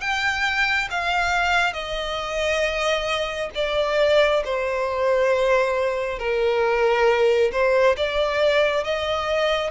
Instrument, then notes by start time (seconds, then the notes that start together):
violin
0.00 G5
0.90 F5
1.73 D#5
3.55 D5
4.45 C5
6.18 A#4
7.52 C5
7.97 D5
8.84 D#5